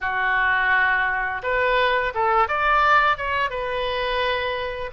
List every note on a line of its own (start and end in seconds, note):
0.00 1.41 F#4
1.42 2.13 B4
2.14 2.47 A4
2.47 3.17 D5
3.17 3.49 C#5
3.49 4.91 B4